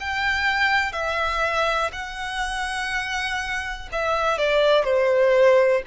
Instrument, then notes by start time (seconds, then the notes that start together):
violin
0.00 G5
0.93 E5
1.93 F#5
3.92 E5
4.38 D5
4.84 C5